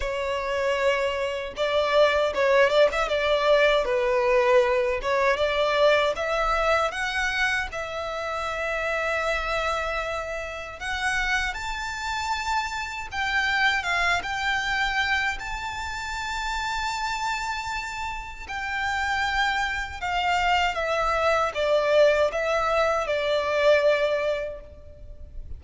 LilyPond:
\new Staff \with { instrumentName = "violin" } { \time 4/4 \tempo 4 = 78 cis''2 d''4 cis''8 d''16 e''16 | d''4 b'4. cis''8 d''4 | e''4 fis''4 e''2~ | e''2 fis''4 a''4~ |
a''4 g''4 f''8 g''4. | a''1 | g''2 f''4 e''4 | d''4 e''4 d''2 | }